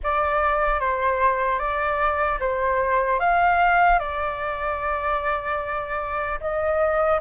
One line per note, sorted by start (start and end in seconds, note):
0.03 0.80 D5
0.80 1.59 C5
1.59 2.39 D5
2.39 3.19 C5
3.19 3.99 F5
3.99 6.39 D5
6.40 7.20 D#5